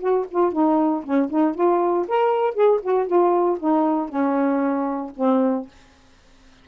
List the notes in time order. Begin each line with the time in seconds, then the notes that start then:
0.00 F#4
0.31 F4
0.52 D#4
1.04 C#4
1.30 D#4
1.55 F4
2.08 A#4
2.54 G#4
2.82 F#4
3.07 F4
3.59 D#4
4.09 C#4
5.16 C4